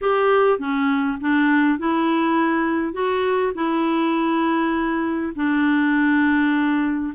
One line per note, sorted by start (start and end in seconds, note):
0.01 0.59 G4
0.59 1.18 C#4
1.20 1.78 D4
1.78 2.93 E4
2.93 3.52 F#4
3.54 5.32 E4
5.35 7.13 D4